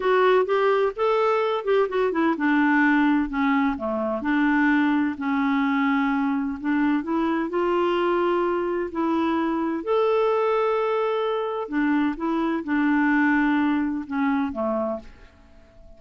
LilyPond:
\new Staff \with { instrumentName = "clarinet" } { \time 4/4 \tempo 4 = 128 fis'4 g'4 a'4. g'8 | fis'8 e'8 d'2 cis'4 | a4 d'2 cis'4~ | cis'2 d'4 e'4 |
f'2. e'4~ | e'4 a'2.~ | a'4 d'4 e'4 d'4~ | d'2 cis'4 a4 | }